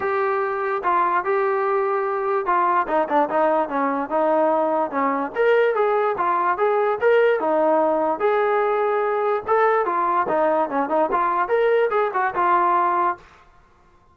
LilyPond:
\new Staff \with { instrumentName = "trombone" } { \time 4/4 \tempo 4 = 146 g'2 f'4 g'4~ | g'2 f'4 dis'8 d'8 | dis'4 cis'4 dis'2 | cis'4 ais'4 gis'4 f'4 |
gis'4 ais'4 dis'2 | gis'2. a'4 | f'4 dis'4 cis'8 dis'8 f'4 | ais'4 gis'8 fis'8 f'2 | }